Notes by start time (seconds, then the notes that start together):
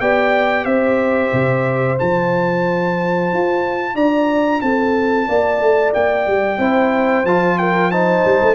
0.00 B3 G4 D5 G5
0.65 C4 C5 E5
1.33 C3
1.97 F3 F4 A5
3.32 F4
3.94 D4 D5 A#5
4.61 C4 A4 A5
5.27 A#3 D5
5.61 A3
5.94 A#3 G5
6.27 G3
6.58 C4 E4 C5
7.24 F3 F4 A5
7.58 A#4 G5
7.91 D#4 C5 A5
8.25 G3
8.42 A3